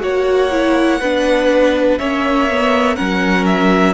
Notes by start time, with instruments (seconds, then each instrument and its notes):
0.00 cello A#3, viola F#4, violin C#5 F#5
0.51 viola E4
1.01 cello B3, viola D4, violin B4
1.98 cello A#3, viola C#4, violin C#5 E5
2.51 viola B3
2.96 cello F#3, viola C#4, violin A#4 F#5
3.46 violin E5